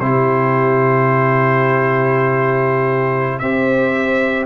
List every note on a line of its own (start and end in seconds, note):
0.00 3.42 C3
0.00 3.43 E4
0.00 3.42 G4
0.00 3.39 C5
3.39 4.47 C4
3.39 4.47 G4
3.39 4.47 C5
3.39 4.45 E5